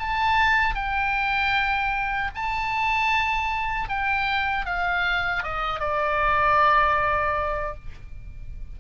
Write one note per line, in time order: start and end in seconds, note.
0.00 0.75 A5
0.75 2.31 G5
2.35 3.89 A5
3.89 4.66 G5
4.66 5.43 F5
5.43 5.80 D#5
5.80 7.75 D5